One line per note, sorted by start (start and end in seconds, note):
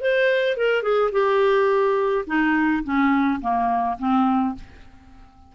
0.00 0.57 C5
0.57 0.82 A#4
0.82 1.10 G#4
1.11 2.25 G4
2.26 2.83 D#4
2.83 3.40 C#4
3.41 3.97 A#3
3.98 4.55 C4